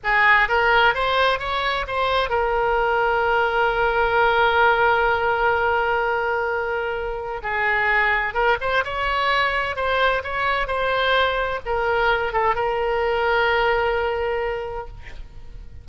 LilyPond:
\new Staff \with { instrumentName = "oboe" } { \time 4/4 \tempo 4 = 129 gis'4 ais'4 c''4 cis''4 | c''4 ais'2.~ | ais'1~ | ais'1 |
gis'2 ais'8 c''8 cis''4~ | cis''4 c''4 cis''4 c''4~ | c''4 ais'4. a'8 ais'4~ | ais'1 | }